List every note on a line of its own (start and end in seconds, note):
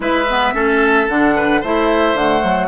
0.00 0.52 G#3
0.00 0.24 E4
0.00 0.53 B4
0.00 1.08 E5
0.29 0.53 B3
0.53 1.08 A3
0.53 1.07 C#4
0.53 1.35 A4
1.08 1.63 D3
1.08 1.62 D4
1.08 1.62 F#5
1.36 1.60 B4
1.60 2.14 A3
1.60 2.17 E4
1.60 2.67 C5
1.60 2.17 E5
2.14 2.41 D3
2.14 2.67 A3
2.14 2.67 F#5
2.43 2.67 F#3